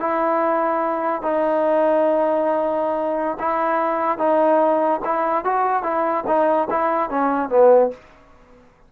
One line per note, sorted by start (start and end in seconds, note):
0.00 1.22 E4
1.22 3.38 D#4
3.40 4.18 E4
4.18 5.01 D#4
5.05 5.45 E4
5.45 5.83 F#4
5.83 6.24 E4
6.27 6.68 D#4
6.70 7.10 E4
7.10 7.49 C#4
7.49 7.91 B3